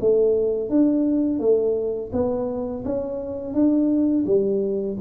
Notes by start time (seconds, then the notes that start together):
0.00 A3
0.69 D4
1.39 A3
2.12 B3
2.84 C#4
3.53 D4
4.26 G3